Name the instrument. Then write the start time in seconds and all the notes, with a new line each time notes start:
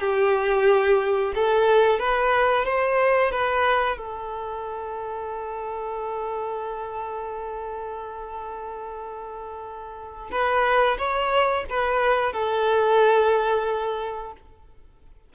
violin
0.00 G4
1.35 A4
1.99 B4
2.66 C5
3.32 B4
3.98 A4
10.31 B4
10.98 C#5
11.70 B4
12.33 A4